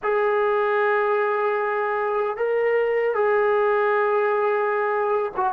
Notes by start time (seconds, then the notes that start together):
0.03 G#4
2.36 A#4
3.14 G#4
5.36 F#4